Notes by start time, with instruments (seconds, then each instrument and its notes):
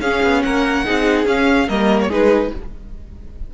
0.00 cello C#4, viola C#4, violin G#4 F5
0.22 cello B3
0.42 cello A#3, violin A#4 F#5
0.85 cello C4, viola D#4, violin G#4
1.25 cello C#4, viola C#4, violin F5
1.68 cello G3, viola A#3, violin A#4 D#5
2.01 violin C#5
2.08 cello G#3, viola D#4, violin G#4 B4